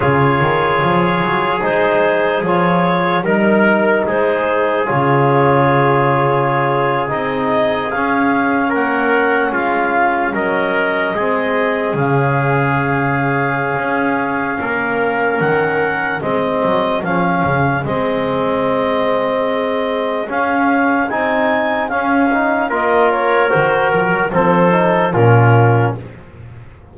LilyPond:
<<
  \new Staff \with { instrumentName = "clarinet" } { \time 4/4 \tempo 4 = 74 cis''2 c''4 cis''4 | ais'4 c''4 cis''2~ | cis''8. dis''4 f''4 fis''4 f''16~ | f''8. dis''2 f''4~ f''16~ |
f''2. fis''4 | dis''4 f''4 dis''2~ | dis''4 f''4 gis''4 f''4 | dis''8 cis''8 c''8 ais'8 c''4 ais'4 | }
  \new Staff \with { instrumentName = "trumpet" } { \time 4/4 gis'1 | ais'4 gis'2.~ | gis'2~ gis'8. ais'4 f'16~ | f'8. ais'4 gis'2~ gis'16~ |
gis'2 ais'2 | gis'1~ | gis'1 | ais'2 a'4 f'4 | }
  \new Staff \with { instrumentName = "trombone" } { \time 4/4 f'2 dis'4 f'4 | dis'2 f'2~ | f'8. dis'4 cis'2~ cis'16~ | cis'4.~ cis'16 c'4 cis'4~ cis'16~ |
cis'1 | c'4 cis'4 c'2~ | c'4 cis'4 dis'4 cis'8 dis'8 | f'4 fis'4 c'8 dis'8 cis'4 | }
  \new Staff \with { instrumentName = "double bass" } { \time 4/4 cis8 dis8 f8 fis8 gis4 f4 | g4 gis4 cis2~ | cis8. c'4 cis'4 ais4 gis16~ | gis8. fis4 gis4 cis4~ cis16~ |
cis4 cis'4 ais4 dis4 | gis8 fis8 f8 cis8 gis2~ | gis4 cis'4 c'4 cis'4 | ais4 dis8 f16 fis16 f4 ais,4 | }
>>